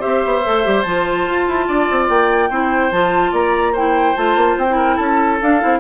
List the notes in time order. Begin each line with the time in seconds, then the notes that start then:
0.00 C4 G4 C5 E5
0.25 B3
0.45 A3 A4
0.64 G3 G4
0.82 F3 F4 A5
1.26 F4
1.48 E4
1.68 D4 D5
1.91 C4
2.09 A#3 G5
2.50 C4 E4 C5
2.91 F3 F4 A5
3.32 A#3 D5 A#5
3.73 E4 C5 G5
4.16 A3 F4 A5
4.36 A#3
4.57 C4 G5
4.69 E4
4.76 A#4
4.96 C#4 A4 A5
5.42 D4 F5
5.61 C4 E4